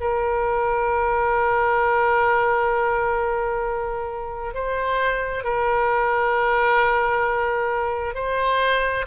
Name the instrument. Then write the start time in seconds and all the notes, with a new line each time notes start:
oboe
0.00 A#4
4.54 C5
5.44 A#4
8.14 C5